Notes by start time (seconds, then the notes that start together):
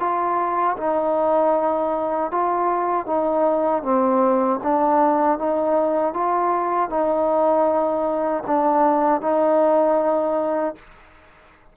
0.00 F4
0.78 D#4
2.31 F4
3.07 D#4
3.83 C4
4.63 D4
5.39 D#4
6.14 F4
6.90 D#4
8.47 D4
9.22 D#4